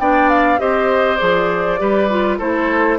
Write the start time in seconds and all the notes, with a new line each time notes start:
0.00 B3 D4 D5 G5
0.30 F5
0.59 C4 G4 C5 D#5
1.17 F3 G#4 D5
1.79 G3 G4 B4
2.10 F4
2.39 A3 E4 A4 C5